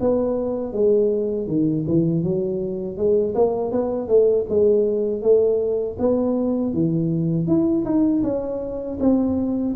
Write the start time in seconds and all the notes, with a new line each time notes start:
0.00 B3
0.73 G#3
1.48 D#3
1.88 E3
2.23 F#3
2.97 G#3
3.35 A#3
3.72 B3
4.08 A3
4.49 G#3
5.22 A3
5.99 B3
6.73 E3
7.47 E4
7.85 D#4
8.23 C#4
9.00 C4